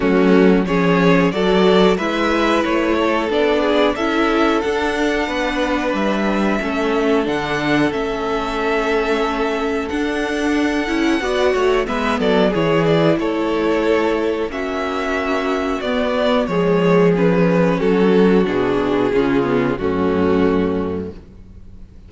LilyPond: <<
  \new Staff \with { instrumentName = "violin" } { \time 4/4 \tempo 4 = 91 fis'4 cis''4 d''4 e''4 | cis''4 d''4 e''4 fis''4~ | fis''4 e''2 fis''4 | e''2. fis''4~ |
fis''2 e''8 d''8 cis''8 d''8 | cis''2 e''2 | d''4 cis''4 b'4 a'4 | gis'2 fis'2 | }
  \new Staff \with { instrumentName = "violin" } { \time 4/4 cis'4 gis'4 a'4 b'4~ | b'8 a'4 gis'8 a'2 | b'2 a'2~ | a'1~ |
a'4 d''8 cis''8 b'8 a'8 gis'4 | a'2 fis'2~ | fis'4 gis'2 fis'4~ | fis'4 f'4 cis'2 | }
  \new Staff \with { instrumentName = "viola" } { \time 4/4 a4 cis'4 fis'4 e'4~ | e'4 d'4 e'4 d'4~ | d'2 cis'4 d'4 | cis'2. d'4~ |
d'8 e'8 fis'4 b4 e'4~ | e'2 cis'2 | b4 gis4 cis'2 | d'4 cis'8 b8 a2 | }
  \new Staff \with { instrumentName = "cello" } { \time 4/4 fis4 f4 fis4 gis4 | a4 b4 cis'4 d'4 | b4 g4 a4 d4 | a2. d'4~ |
d'8 cis'8 b8 a8 gis8 fis8 e4 | a2 ais2 | b4 f2 fis4 | b,4 cis4 fis,2 | }
>>